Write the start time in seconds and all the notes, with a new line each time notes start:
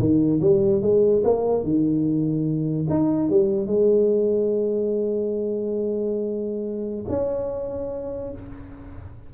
0.00 D#3
0.41 G3
0.82 G#3
1.25 A#3
1.64 D#3
2.90 D#4
3.30 G3
3.67 G#3
7.09 C#4